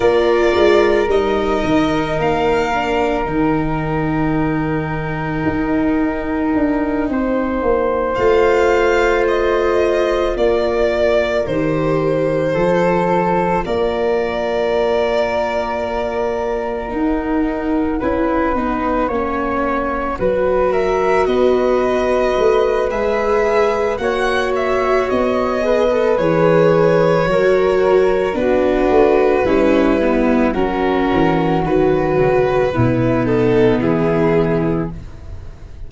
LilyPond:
<<
  \new Staff \with { instrumentName = "violin" } { \time 4/4 \tempo 4 = 55 d''4 dis''4 f''4 g''4~ | g''2.~ g''8 f''8~ | f''8 dis''4 d''4 c''4.~ | c''8 d''2. fis''8~ |
fis''2. e''8 dis''8~ | dis''4 e''4 fis''8 e''8 dis''4 | cis''2 b'2 | ais'4 b'4. a'8 gis'4 | }
  \new Staff \with { instrumentName = "flute" } { \time 4/4 ais'1~ | ais'2~ ais'8 c''4.~ | c''4. ais'2 a'8~ | a'8 ais'2.~ ais'8~ |
ais'8 b'4 cis''4 b'8 ais'8 b'8~ | b'2 cis''4. b'8~ | b'4 ais'4 fis'4 e'4 | fis'2 e'8 dis'8 e'4 | }
  \new Staff \with { instrumentName = "viola" } { \time 4/4 f'4 dis'4. d'8 dis'4~ | dis'2.~ dis'8 f'8~ | f'2~ f'8 g'4 f'8~ | f'2.~ f'8 dis'8~ |
dis'8 e'8 dis'8 cis'4 fis'4.~ | fis'4 gis'4 fis'4. gis'16 a'16 | gis'4 fis'4 d'4 cis'8 b8 | cis'4 fis4 b2 | }
  \new Staff \with { instrumentName = "tuba" } { \time 4/4 ais8 gis8 g8 dis8 ais4 dis4~ | dis4 dis'4 d'8 c'8 ais8 a8~ | a4. ais4 dis4 f8~ | f8 ais2. dis'8~ |
dis'8 cis'8 b8 ais4 fis4 b8~ | b8 a8 gis4 ais4 b4 | e4 fis4 b8 a8 g4 | fis8 e8 dis8 cis8 b,4 e4 | }
>>